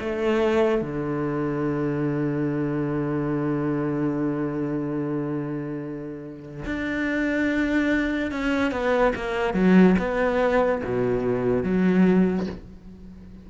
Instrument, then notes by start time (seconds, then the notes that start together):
cello
0.00 A3
0.81 D3
6.66 D4
8.31 C#4
8.71 B3
9.15 A#3
9.54 F#3
9.98 B3
10.84 B2
11.63 F#3